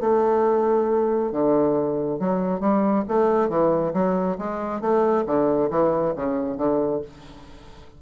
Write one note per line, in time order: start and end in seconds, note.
0.00 1.31 A3
1.32 2.19 D3
2.19 2.60 F#3
2.60 3.04 G3
3.08 3.49 A3
3.49 3.93 E3
3.93 4.37 F#3
4.38 4.81 G#3
4.81 5.25 A3
5.26 5.70 D3
5.70 6.14 E3
6.16 6.57 C#3
6.57 7.01 D3